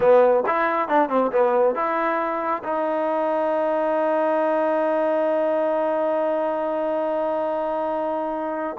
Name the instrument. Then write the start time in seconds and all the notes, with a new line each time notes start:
trombone
0.00 B3
0.46 E4
0.88 D4
1.09 C4
1.31 B3
1.75 E4
2.63 D#4